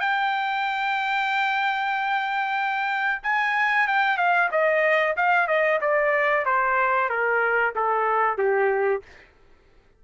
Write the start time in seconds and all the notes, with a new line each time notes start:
0.00 G5
3.23 G#5
3.88 G5
4.17 F5
4.51 D#5
5.17 F5
5.48 D#5
5.81 D5
6.46 C5
7.09 A#4
7.76 A4
8.38 G4